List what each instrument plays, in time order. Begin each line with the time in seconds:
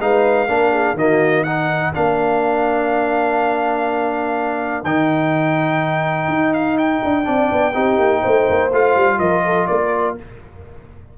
0.00 tuba G#3, trombone D#4, horn B4, trumpet F5
0.48 tuba A#3, trombone D4, horn A#4
0.72 horn G#4
0.94 tuba D#3, trombone A#3, horn F#4, trumpet D#5
1.43 trombone D#4, horn A#4, trumpet F#5
1.94 tuba A#3, trombone D4, trumpet F5
4.83 tuba D#3, trombone D#4, trumpet G5
6.28 tuba D#4
6.53 trumpet F5
6.78 trumpet G5
7.04 tuba D4
7.24 tuba C4, trombone D4, horn D5
7.52 tuba B3
7.74 tuba C4, trombone D#4, horn G4
7.98 tuba A#3
8.21 tuba A3, horn C5
8.49 tuba A#3
8.72 tuba A3, trombone F4, trumpet F5
8.96 tuba G3
9.19 tuba F3, horn A#4, trumpet D#5
9.45 horn A4
9.67 tuba A#3, horn A#4, trumpet D5